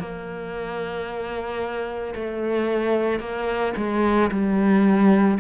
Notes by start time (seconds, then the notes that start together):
0.00 A#3
2.15 A3
3.20 A#3
3.77 G#3
4.31 G3